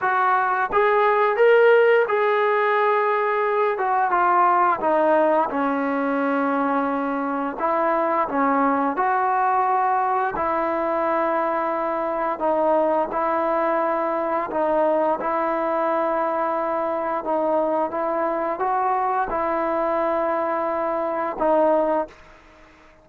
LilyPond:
\new Staff \with { instrumentName = "trombone" } { \time 4/4 \tempo 4 = 87 fis'4 gis'4 ais'4 gis'4~ | gis'4. fis'8 f'4 dis'4 | cis'2. e'4 | cis'4 fis'2 e'4~ |
e'2 dis'4 e'4~ | e'4 dis'4 e'2~ | e'4 dis'4 e'4 fis'4 | e'2. dis'4 | }